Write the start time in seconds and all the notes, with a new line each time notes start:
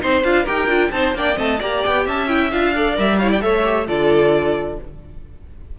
0.00 C4 D#4 C5 C6
0.23 D4 F4 F5
0.43 D#4 G4 A#4 G5
0.67 D4 F4
0.91 C4 D#4 C5 A5
1.14 A#3 D4 D5 G5
1.34 A3 C4 D#5 A5
1.59 A#3 G4 D5 A#5
1.84 B3 G5
2.05 C#4 E5 A5
2.28 E4 G5
2.51 D4 F4 F5
2.75 A4 D5
2.94 G3 A#4 E5
3.18 E4 C#5 F5
3.29 D5 G5
3.41 A3 A4 C#5 E5
3.64 G4
3.86 D3 F4 A4 D5